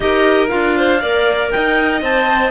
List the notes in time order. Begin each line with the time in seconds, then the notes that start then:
0.00 D#4 G4 A#4 D#5
0.48 D4 F4 F5
0.77 C5
1.00 A#3 A#4 D5
1.50 D#4 D#5 G5
2.01 C4 C5 A5